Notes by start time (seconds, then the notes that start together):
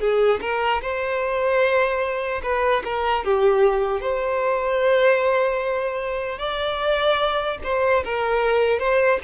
0.00 G#4
0.41 A#4
0.81 C5
2.43 B4
2.84 A#4
3.24 G4
4.01 C5
6.38 D5
7.64 C5
8.04 A#4
8.79 C5